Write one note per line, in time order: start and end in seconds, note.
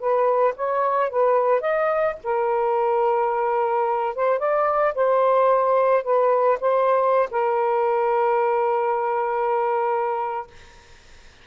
0.00 0.55 B4
0.57 1.10 C#5
1.10 1.61 B4
1.61 2.16 D#5
2.24 4.16 A#4
4.16 4.39 C5
4.39 4.94 D5
4.95 6.04 C5
6.04 6.59 B4
6.61 7.30 C5
7.31 10.48 A#4